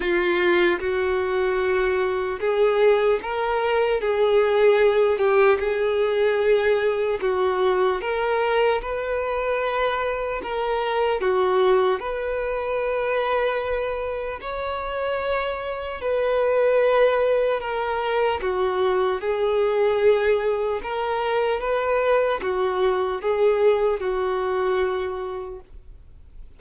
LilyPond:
\new Staff \with { instrumentName = "violin" } { \time 4/4 \tempo 4 = 75 f'4 fis'2 gis'4 | ais'4 gis'4. g'8 gis'4~ | gis'4 fis'4 ais'4 b'4~ | b'4 ais'4 fis'4 b'4~ |
b'2 cis''2 | b'2 ais'4 fis'4 | gis'2 ais'4 b'4 | fis'4 gis'4 fis'2 | }